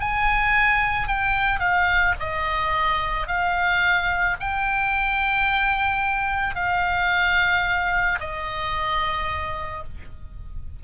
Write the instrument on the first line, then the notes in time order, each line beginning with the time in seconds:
oboe
0.00 G#5
1.08 G5
1.60 F5
2.20 D#5
3.27 F5
4.40 G5
6.56 F5
8.20 D#5